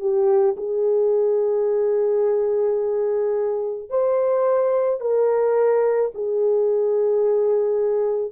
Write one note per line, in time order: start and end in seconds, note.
0.00 0.56 G4
0.57 3.89 G#4
3.89 5.00 C5
5.00 6.11 A#4
6.14 8.31 G#4